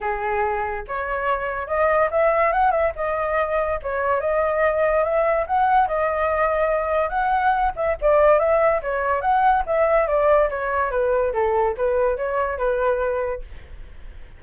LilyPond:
\new Staff \with { instrumentName = "flute" } { \time 4/4 \tempo 4 = 143 gis'2 cis''2 | dis''4 e''4 fis''8 e''8 dis''4~ | dis''4 cis''4 dis''2 | e''4 fis''4 dis''2~ |
dis''4 fis''4. e''8 d''4 | e''4 cis''4 fis''4 e''4 | d''4 cis''4 b'4 a'4 | b'4 cis''4 b'2 | }